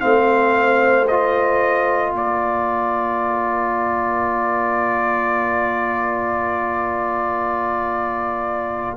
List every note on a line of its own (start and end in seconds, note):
0.00 2.12 A3
0.00 1.05 C4
0.00 1.06 F5
0.07 2.14 C5
1.08 8.97 F4
1.08 2.13 D#5
2.12 8.97 A#3
2.12 8.97 A#4
2.12 8.97 D5